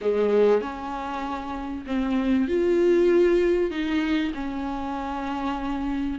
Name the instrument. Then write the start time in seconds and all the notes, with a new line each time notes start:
viola
0.01 G#3
0.61 C#4
1.86 C4
2.47 F4
3.70 D#4
4.34 C#4